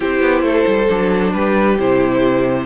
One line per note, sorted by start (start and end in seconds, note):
0.00 0.21 C4
0.00 0.86 E4
0.00 0.44 G4
0.00 1.33 C5
0.21 0.42 B3
0.42 0.64 A3
0.42 1.33 A4
0.66 0.89 G3
0.89 1.33 F#3
0.89 1.77 D4
1.33 1.78 G3
1.33 2.65 G4
1.33 1.77 B4
1.78 2.65 C3
1.78 2.65 E4
1.78 2.65 C5